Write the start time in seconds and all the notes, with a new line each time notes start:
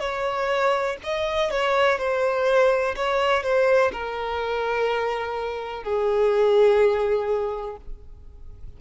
0.00 C#5
1.04 D#5
1.51 C#5
1.98 C5
2.96 C#5
3.44 C5
3.93 A#4
5.84 G#4